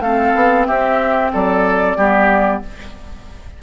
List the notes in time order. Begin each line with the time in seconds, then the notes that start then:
0.00 A3 C4 A4 F5
0.35 B3
0.67 C4 G4 E5
1.33 F#3 A4 D5
1.97 G3 B3 G4